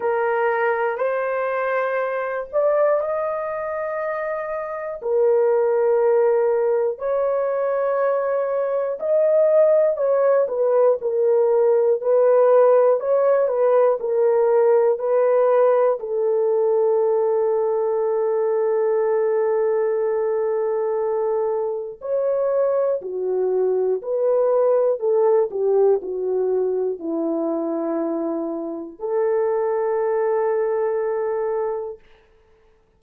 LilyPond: \new Staff \with { instrumentName = "horn" } { \time 4/4 \tempo 4 = 60 ais'4 c''4. d''8 dis''4~ | dis''4 ais'2 cis''4~ | cis''4 dis''4 cis''8 b'8 ais'4 | b'4 cis''8 b'8 ais'4 b'4 |
a'1~ | a'2 cis''4 fis'4 | b'4 a'8 g'8 fis'4 e'4~ | e'4 a'2. | }